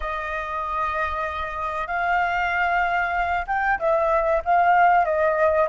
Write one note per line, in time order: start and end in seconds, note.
0.00 1.87 D#5
1.87 3.44 F5
3.47 3.78 G5
3.79 4.42 E5
4.44 5.05 F5
5.05 5.68 D#5